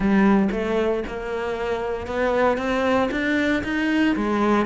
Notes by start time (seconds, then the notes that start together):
0.00 G3
0.51 A3
1.07 A#3
2.06 B3
2.57 C4
3.11 D4
3.63 D#4
4.16 G#3